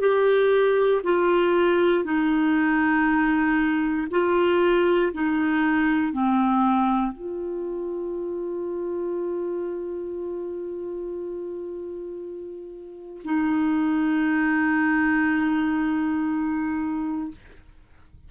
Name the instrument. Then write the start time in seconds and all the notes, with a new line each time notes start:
clarinet
0.00 G4
1.04 F4
2.04 D#4
4.11 F4
5.13 D#4
6.12 C4
7.12 F4
13.24 D#4